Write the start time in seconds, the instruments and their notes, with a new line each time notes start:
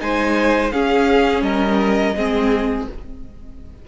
0.00 cello G#3, viola D#4, violin C5 G#5
0.71 cello C#4, viola C#4, violin G#4 F5
1.41 cello G3, violin A#4 D#5
2.16 cello G#3, viola C4, violin G#4